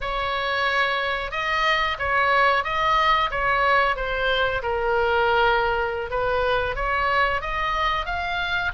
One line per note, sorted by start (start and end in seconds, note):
0.01 1.31 C#5
1.31 1.97 D#5
1.98 2.64 C#5
2.64 3.30 D#5
3.30 3.96 C#5
3.96 4.62 C5
4.62 6.10 A#4
6.10 6.75 B4
6.75 7.41 C#5
7.41 8.05 D#5
8.05 8.71 F5